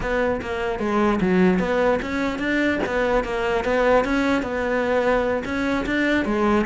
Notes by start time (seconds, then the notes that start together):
0.00 B3
0.41 A#3
0.79 G#3
1.21 F#3
1.59 B3
2.02 C#4
2.38 D4
2.86 B3
3.24 A#3
3.64 B3
4.04 C#4
4.42 B3
5.45 C#4
5.86 D4
6.25 G#3